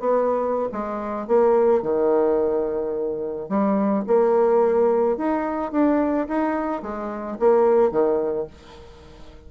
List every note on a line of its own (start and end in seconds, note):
0.00 0.69 B3
0.72 1.28 G#3
1.28 1.83 A#3
1.83 3.49 D#3
3.49 4.05 G3
4.07 5.18 A#3
5.18 5.72 D#4
5.72 6.28 D4
6.28 6.82 D#4
6.82 7.38 G#3
7.40 7.92 A#3
7.92 8.47 D#3